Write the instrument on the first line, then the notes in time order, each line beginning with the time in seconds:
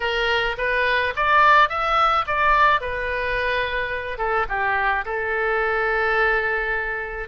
oboe
0.00 A#4
0.57 B4
1.16 D5
1.69 E5
2.26 D5
2.80 B4
4.18 A4
4.48 G4
5.05 A4